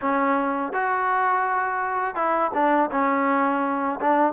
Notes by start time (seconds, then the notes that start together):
0.01 C#4
0.72 F#4
2.15 E4
2.53 D4
2.91 C#4
4.01 D4